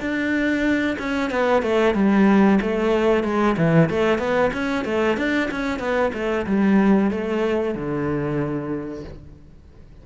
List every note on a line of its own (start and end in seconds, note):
0.00 0.97 D4
0.99 1.30 C#4
1.30 1.62 B3
1.62 1.94 A3
1.94 2.59 G3
2.61 3.23 A3
3.23 3.56 G#3
3.57 3.89 E3
3.89 4.18 A3
4.18 4.50 B3
4.53 4.85 C#4
4.85 5.17 A3
5.17 5.49 D4
5.50 5.79 C#4
5.79 6.11 B3
6.13 6.46 A3
6.46 7.11 G3
7.11 7.74 A3
7.74 9.04 D3